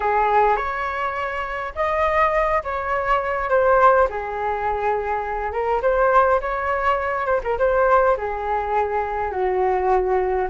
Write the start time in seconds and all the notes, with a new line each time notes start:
0.00 G#4
0.56 C#5
1.75 D#5
2.63 C#5
3.49 C5
4.10 G#4
5.52 A#4
5.81 C5
6.41 C#5
7.26 C5
7.43 A#4
7.58 C5
8.17 G#4
9.31 F#4